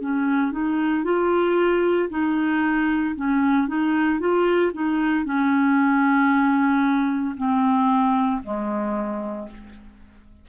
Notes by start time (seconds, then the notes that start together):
0.00 C#4
0.51 D#4
1.03 F4
2.10 D#4
3.15 C#4
3.67 D#4
4.19 F4
4.73 D#4
5.24 C#4
7.36 C4
8.43 G#3